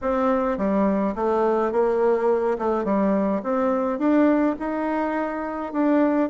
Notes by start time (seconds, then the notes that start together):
0.01 C4
0.57 G3
1.15 A3
1.71 A#3
2.58 A3
2.84 G3
3.43 C4
3.98 D4
4.59 D#4
5.72 D4